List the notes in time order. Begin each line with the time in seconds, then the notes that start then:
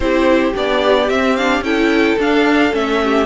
0.00 C4 E4 G4 C5
0.54 B3 D4 D5
1.09 C4 E5
1.36 D4 F5
1.60 C#4 E4 A4 G5
2.18 D4 F5
2.71 A3 C#4 E5
3.03 G4